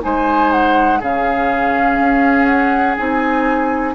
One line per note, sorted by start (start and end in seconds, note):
0.00 1.01 G#3
0.00 0.98 D#4
0.00 0.99 C5
0.00 0.51 G#5
0.51 1.00 F#5
0.99 1.98 C#3
0.99 2.97 C#4
0.99 3.94 G#4
0.99 2.45 F5
1.98 2.97 C#4
2.45 2.94 F#5
2.97 3.94 C4
2.97 3.94 D#4
2.97 3.94 G#5